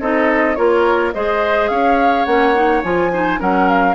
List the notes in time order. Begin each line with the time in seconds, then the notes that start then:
0.00 C4 D#4 A4 D#5
0.55 A#3 F4 A#4 C#5
1.12 G#3 G#4 C5 D#5
1.68 C#4 C#5 F5
2.25 A#3 C#4 F#5
2.55 D#4
2.83 F3 F4 G#5
3.12 D#4 C5
3.38 F#3 C#4 A#4 F#5
3.69 F5